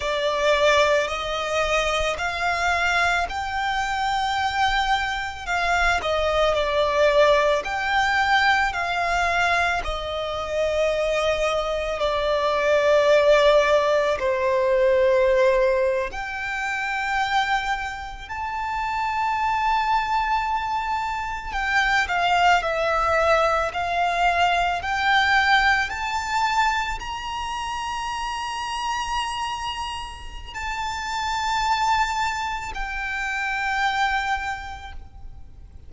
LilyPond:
\new Staff \with { instrumentName = "violin" } { \time 4/4 \tempo 4 = 55 d''4 dis''4 f''4 g''4~ | g''4 f''8 dis''8 d''4 g''4 | f''4 dis''2 d''4~ | d''4 c''4.~ c''16 g''4~ g''16~ |
g''8. a''2. g''16~ | g''16 f''8 e''4 f''4 g''4 a''16~ | a''8. ais''2.~ ais''16 | a''2 g''2 | }